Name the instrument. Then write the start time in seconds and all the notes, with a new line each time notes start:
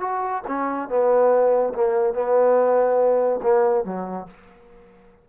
trombone
0.00 F#4
0.47 C#4
0.89 B3
1.74 A#3
2.13 B3
3.42 A#3
3.84 F#3